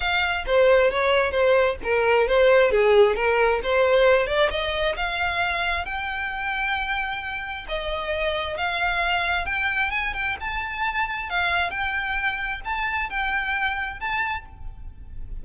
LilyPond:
\new Staff \with { instrumentName = "violin" } { \time 4/4 \tempo 4 = 133 f''4 c''4 cis''4 c''4 | ais'4 c''4 gis'4 ais'4 | c''4. d''8 dis''4 f''4~ | f''4 g''2.~ |
g''4 dis''2 f''4~ | f''4 g''4 gis''8 g''8 a''4~ | a''4 f''4 g''2 | a''4 g''2 a''4 | }